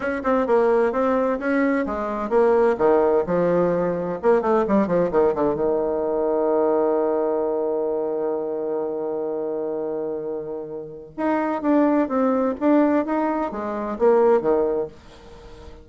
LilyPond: \new Staff \with { instrumentName = "bassoon" } { \time 4/4 \tempo 4 = 129 cis'8 c'8 ais4 c'4 cis'4 | gis4 ais4 dis4 f4~ | f4 ais8 a8 g8 f8 dis8 d8 | dis1~ |
dis1~ | dis1 | dis'4 d'4 c'4 d'4 | dis'4 gis4 ais4 dis4 | }